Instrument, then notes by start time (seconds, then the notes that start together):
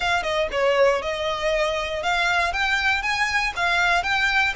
violin
0.00 F5
0.22 D#5
0.51 C#5
1.02 D#5
2.03 F5
2.52 G5
3.02 G#5
3.55 F5
4.03 G5